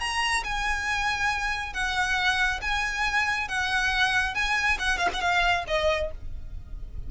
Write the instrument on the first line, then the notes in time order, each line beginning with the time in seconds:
violin
0.00 A#5
0.44 G#5
1.74 F#5
2.61 G#5
3.48 F#5
4.35 G#5
4.79 F#5
4.98 F5
5.13 F#5
5.21 F5
5.68 D#5